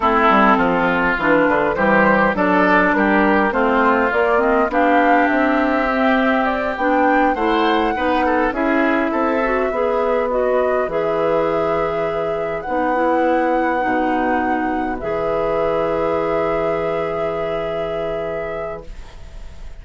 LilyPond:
<<
  \new Staff \with { instrumentName = "flute" } { \time 4/4 \tempo 4 = 102 a'2 b'4 c''4 | d''4 ais'4 c''4 d''8 dis''8 | f''4 e''2 d''8 g''8~ | g''8 fis''2 e''4.~ |
e''4. dis''4 e''4.~ | e''4. fis''2~ fis''8~ | fis''4. e''2~ e''8~ | e''1 | }
  \new Staff \with { instrumentName = "oboe" } { \time 4/4 e'4 f'2 g'4 | a'4 g'4 f'2 | g'1~ | g'8 c''4 b'8 a'8 gis'4 a'8~ |
a'8 b'2.~ b'8~ | b'1~ | b'1~ | b'1 | }
  \new Staff \with { instrumentName = "clarinet" } { \time 4/4 c'2 d'4 g4 | d'2 c'4 ais8 c'8 | d'2 c'4. d'8~ | d'8 e'4 dis'4 e'4. |
fis'8 gis'4 fis'4 gis'4.~ | gis'4. dis'8 e'4. dis'8~ | dis'4. gis'2~ gis'8~ | gis'1 | }
  \new Staff \with { instrumentName = "bassoon" } { \time 4/4 a8 g8 f4 e8 d8 e4 | fis4 g4 a4 ais4 | b4 c'2~ c'8 b8~ | b8 a4 b4 cis'4 c'8~ |
c'8 b2 e4.~ | e4. b2 b,8~ | b,4. e2~ e8~ | e1 | }
>>